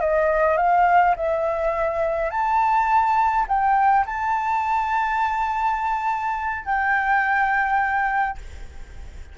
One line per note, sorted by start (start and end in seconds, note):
0.00 0.57 D#5
0.57 1.15 F5
1.16 2.30 E5
2.30 3.46 A5
3.47 4.05 G5
4.06 6.65 A5
6.65 8.38 G5